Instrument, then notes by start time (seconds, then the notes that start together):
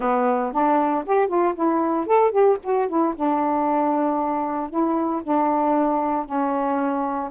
saxophone
0.00 B3
0.52 D4
1.05 G4
1.27 F4
1.54 E4
2.06 A4
2.31 G4
2.63 F#4
2.88 E4
3.15 D4
4.70 E4
5.23 D4
6.25 C#4